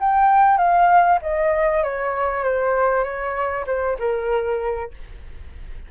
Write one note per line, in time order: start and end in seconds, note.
0.00 0.58 G5
0.58 1.19 F5
1.22 1.83 D#5
1.83 2.44 C#5
2.44 3.04 C5
3.04 3.65 C#5
3.67 3.97 C5
3.99 4.91 A#4